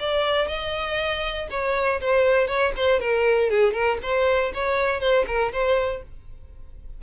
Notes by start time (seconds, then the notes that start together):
0.00 D5
0.48 D#5
1.51 C#5
2.01 C5
2.48 C#5
2.77 C5
3.01 A#4
3.50 G#4
3.73 A#4
4.03 C5
4.55 C#5
5.01 C5
5.27 A#4
5.53 C5